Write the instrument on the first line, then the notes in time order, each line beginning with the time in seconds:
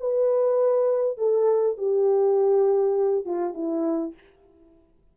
horn
0.00 B4
1.18 A4
1.78 G4
3.25 F4
3.54 E4